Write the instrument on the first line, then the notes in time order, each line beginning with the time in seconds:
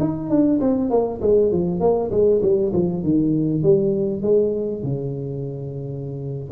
tuba
0.00 D#4
0.30 D4
0.61 C4
0.90 A#3
1.22 G#3
1.52 F3
1.80 A#3
2.11 G#3
2.42 G3
2.73 F3
3.04 D#3
3.63 G3
4.22 G#3
4.83 C#3